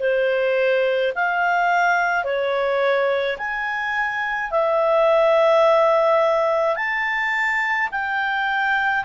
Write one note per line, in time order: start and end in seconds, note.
0.00 1.13 C5
1.15 2.25 F5
2.25 3.38 C#5
3.39 4.52 G#5
4.52 6.76 E5
6.76 7.89 A5
7.92 9.05 G5